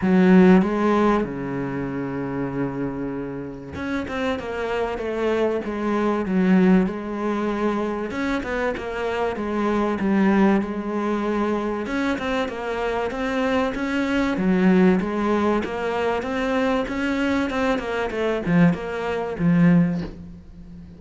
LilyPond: \new Staff \with { instrumentName = "cello" } { \time 4/4 \tempo 4 = 96 fis4 gis4 cis2~ | cis2 cis'8 c'8 ais4 | a4 gis4 fis4 gis4~ | gis4 cis'8 b8 ais4 gis4 |
g4 gis2 cis'8 c'8 | ais4 c'4 cis'4 fis4 | gis4 ais4 c'4 cis'4 | c'8 ais8 a8 f8 ais4 f4 | }